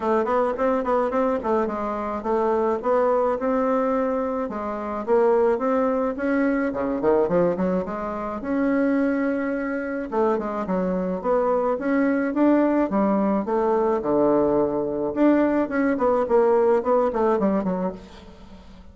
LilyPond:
\new Staff \with { instrumentName = "bassoon" } { \time 4/4 \tempo 4 = 107 a8 b8 c'8 b8 c'8 a8 gis4 | a4 b4 c'2 | gis4 ais4 c'4 cis'4 | cis8 dis8 f8 fis8 gis4 cis'4~ |
cis'2 a8 gis8 fis4 | b4 cis'4 d'4 g4 | a4 d2 d'4 | cis'8 b8 ais4 b8 a8 g8 fis8 | }